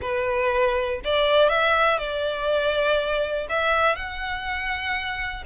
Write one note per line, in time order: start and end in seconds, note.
0.01 1.01 B4
1.04 1.49 D5
1.49 1.98 E5
1.98 3.47 D5
3.49 3.95 E5
3.95 5.44 F#5